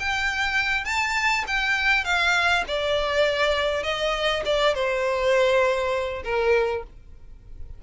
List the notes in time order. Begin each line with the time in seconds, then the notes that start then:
0.00 G5
0.85 A5
1.47 G5
2.05 F5
2.68 D5
3.84 D#5
4.46 D5
4.75 C5
6.24 A#4